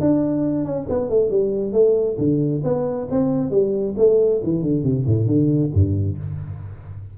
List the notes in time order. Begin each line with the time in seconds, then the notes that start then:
0.00 D4
0.65 C#4
0.89 B3
1.09 A3
1.30 G3
1.72 A3
2.18 D3
2.64 B3
3.10 C4
3.50 G3
3.97 A3
4.43 E3
4.62 D3
4.83 C3
5.06 A2
5.26 D3
5.73 G2